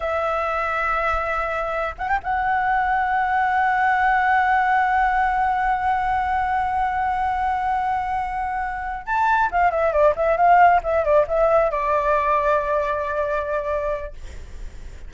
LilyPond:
\new Staff \with { instrumentName = "flute" } { \time 4/4 \tempo 4 = 136 e''1~ | e''8 fis''16 g''16 fis''2.~ | fis''1~ | fis''1~ |
fis''1~ | fis''8 a''4 f''8 e''8 d''8 e''8 f''8~ | f''8 e''8 d''8 e''4 d''4.~ | d''1 | }